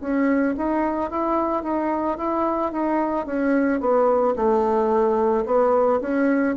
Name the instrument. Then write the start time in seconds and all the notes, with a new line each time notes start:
bassoon
0.00 C#4
0.57 D#4
1.10 E4
1.63 D#4
2.17 E4
2.72 D#4
3.26 C#4
3.80 B3
4.36 A3
5.45 B3
6.00 C#4